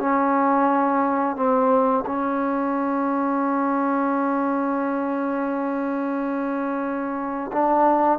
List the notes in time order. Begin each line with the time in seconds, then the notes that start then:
0.00 C#4
1.36 C4
2.06 C#4
7.52 D4